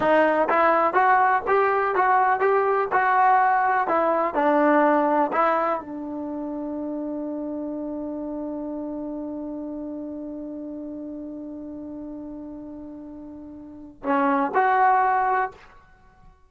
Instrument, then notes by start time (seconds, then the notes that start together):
trombone
0.00 D#4
0.49 E4
0.93 F#4
1.47 G4
1.95 F#4
2.40 G4
2.92 F#4
3.87 E4
4.34 D4
5.32 E4
5.80 D4
14.03 C#4
14.54 F#4